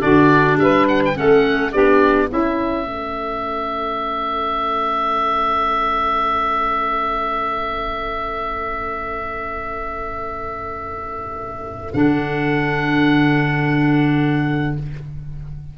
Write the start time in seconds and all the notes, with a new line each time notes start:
0.00 D3 D4 F#4 D5
0.56 G3 B4 E5
0.88 F#5
1.05 G5
1.15 A3 C#4 A4 F#5
1.72 B3 D4 G4 D5
2.27 C#4 E4 E5
2.84 A3 A4
11.93 D3 D4 F#5